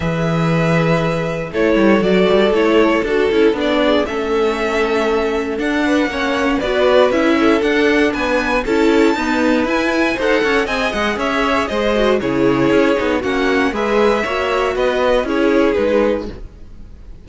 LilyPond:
<<
  \new Staff \with { instrumentName = "violin" } { \time 4/4 \tempo 4 = 118 e''2. cis''4 | d''4 cis''4 a'4 d''4 | e''2. fis''4~ | fis''4 d''4 e''4 fis''4 |
gis''4 a''2 gis''4 | fis''4 gis''8 fis''8 e''4 dis''4 | cis''2 fis''4 e''4~ | e''4 dis''4 cis''4 b'4 | }
  \new Staff \with { instrumentName = "violin" } { \time 4/4 b'2. a'4~ | a'2.~ a'8 gis'8 | a'2.~ a'8 b'8 | cis''4 b'4. a'4. |
b'4 a'4 b'2 | c''8 cis''8 dis''4 cis''4 c''4 | gis'2 fis'4 b'4 | cis''4 b'4 gis'2 | }
  \new Staff \with { instrumentName = "viola" } { \time 4/4 gis'2. e'4 | fis'4 e'4 fis'8 e'8 d'4 | cis'2. d'4 | cis'4 fis'4 e'4 d'4~ |
d'4 e'4 b4 e'4 | a'4 gis'2~ gis'8 fis'8 | e'4. dis'8 cis'4 gis'4 | fis'2 e'4 dis'4 | }
  \new Staff \with { instrumentName = "cello" } { \time 4/4 e2. a8 g8 | fis8 g8 a4 d'8 cis'8 b4 | a2. d'4 | ais4 b4 cis'4 d'4 |
b4 cis'4 dis'4 e'4 | dis'8 cis'8 c'8 gis8 cis'4 gis4 | cis4 cis'8 b8 ais4 gis4 | ais4 b4 cis'4 gis4 | }
>>